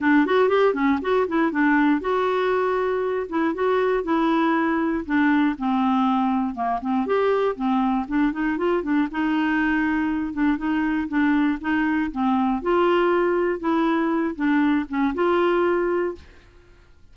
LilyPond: \new Staff \with { instrumentName = "clarinet" } { \time 4/4 \tempo 4 = 119 d'8 fis'8 g'8 cis'8 fis'8 e'8 d'4 | fis'2~ fis'8 e'8 fis'4 | e'2 d'4 c'4~ | c'4 ais8 c'8 g'4 c'4 |
d'8 dis'8 f'8 d'8 dis'2~ | dis'8 d'8 dis'4 d'4 dis'4 | c'4 f'2 e'4~ | e'8 d'4 cis'8 f'2 | }